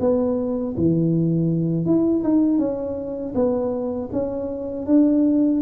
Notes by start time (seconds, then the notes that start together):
0.00 B3
0.77 E3
1.85 E4
2.23 D#4
2.58 C#4
3.34 B3
4.12 C#4
4.86 D4